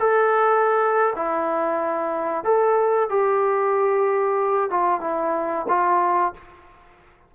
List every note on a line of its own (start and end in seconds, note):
0.00 1.14 A4
1.16 2.45 E4
2.45 3.10 A4
3.10 4.71 G4
4.71 5.01 F4
5.01 5.66 E4
5.69 6.34 F4